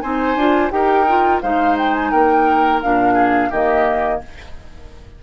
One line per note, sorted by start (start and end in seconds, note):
0.00 0.35 C4
0.00 0.37 D#4
0.00 0.72 C5
0.00 0.70 G#5
0.35 0.70 D4
0.35 0.70 F4
0.70 1.41 D#4
0.70 1.05 G4
0.70 1.42 A#4
0.70 1.40 G5
1.08 1.42 F4
1.41 2.12 G#3
1.41 2.82 D#4
1.41 2.11 C5
1.41 1.76 F5
1.77 1.95 G5
1.95 2.11 G#5
2.11 2.82 A#3
2.11 3.13 A#4
2.11 2.81 G5
2.81 3.50 A#2
2.81 3.51 D4
2.81 3.51 F5
3.13 3.48 G#4
3.50 4.20 D#3
3.50 4.22 A#3
3.50 4.19 G4
3.50 4.21 D#5